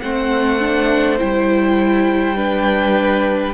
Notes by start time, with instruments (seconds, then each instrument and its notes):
0.00 cello A3, viola C4, violin C5 F#5
0.60 viola D4
1.18 cello G3, viola E4, violin G5
2.36 viola D4, violin B4